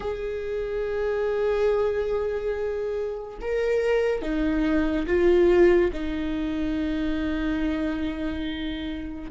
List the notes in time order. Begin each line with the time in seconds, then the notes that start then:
0.00 G#4
3.41 A#4
4.22 D#4
5.06 F4
5.92 D#4